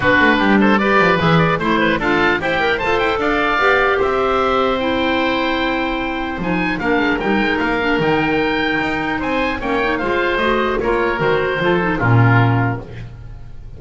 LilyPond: <<
  \new Staff \with { instrumentName = "oboe" } { \time 4/4 \tempo 4 = 150 b'4. c''8 d''4 e''8 d''8 | c''4 f''4 g''4 a''8 g''8 | f''2 e''2 | g''1 |
gis''4 f''4 g''4 f''4 | g''2. gis''4 | g''4 f''4 dis''4 cis''4 | c''2 ais'2 | }
  \new Staff \with { instrumentName = "oboe" } { \time 4/4 fis'4 g'8 a'8 b'2 | c''8 b'8 a'4 g'4 c''4 | d''2 c''2~ | c''1~ |
c''4 ais'2.~ | ais'2. c''4 | cis''4 c''2 ais'4~ | ais'4 a'4 f'2 | }
  \new Staff \with { instrumentName = "clarinet" } { \time 4/4 d'2 g'4 gis'4 | e'4 f'4 c''8 ais'8 a'4~ | a'4 g'2. | e'1 |
dis'4 d'4 dis'4. d'8 | dis'1 | cis'8 dis'8 f'4 fis'4 f'4 | fis'4 f'8 dis'8 cis'2 | }
  \new Staff \with { instrumentName = "double bass" } { \time 4/4 b8 a8 g4. f8 e4 | a4 d'4 e'4 f'8 e'8 | d'4 b4 c'2~ | c'1 |
f4 ais8 gis8 g8 gis8 ais4 | dis2 dis'4 c'4 | ais4 gis4 a4 ais4 | dis4 f4 ais,2 | }
>>